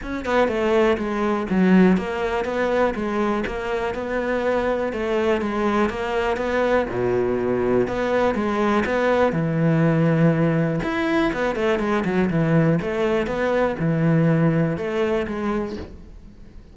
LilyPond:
\new Staff \with { instrumentName = "cello" } { \time 4/4 \tempo 4 = 122 cis'8 b8 a4 gis4 fis4 | ais4 b4 gis4 ais4 | b2 a4 gis4 | ais4 b4 b,2 |
b4 gis4 b4 e4~ | e2 e'4 b8 a8 | gis8 fis8 e4 a4 b4 | e2 a4 gis4 | }